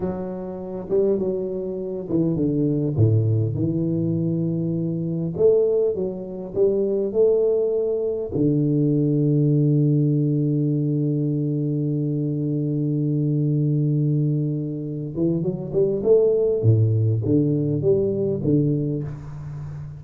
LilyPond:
\new Staff \with { instrumentName = "tuba" } { \time 4/4 \tempo 4 = 101 fis4. g8 fis4. e8 | d4 a,4 e2~ | e4 a4 fis4 g4 | a2 d2~ |
d1~ | d1~ | d4. e8 fis8 g8 a4 | a,4 d4 g4 d4 | }